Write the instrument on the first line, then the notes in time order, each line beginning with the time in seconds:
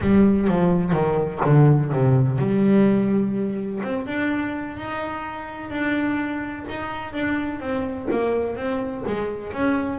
double bass
0.00 G3
0.48 F3
0.92 D#3
1.44 D3
1.92 C3
2.38 G3
3.83 C4
4.06 D4
4.76 D#4
5.69 D4
6.69 D#4
7.13 D4
7.60 C4
8.10 A#3
8.56 C4
9.06 G#3
9.53 C#4